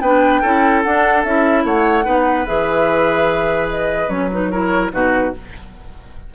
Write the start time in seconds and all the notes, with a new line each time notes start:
0.00 B3 D4 B4 G5
0.41 C#4 E4 A4
0.82 D4 F#5
1.23 C#4 E4 E5
1.64 A3 C#5 F#5
2.03 B3 D#4 B4
2.46 E3 G#4 E5
3.69 D#5
4.08 F#3 C#4 C#5
4.32 D#4 B4
4.51 E4 A#4 C#5
4.91 B2 D#4 F#4 B4